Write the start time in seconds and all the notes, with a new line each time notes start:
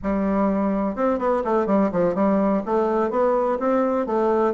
0.02 G3
0.95 C4
1.18 B3
1.44 A3
1.66 G3
1.92 F3
2.14 G3
2.65 A3
3.10 B3
3.59 C4
4.06 A3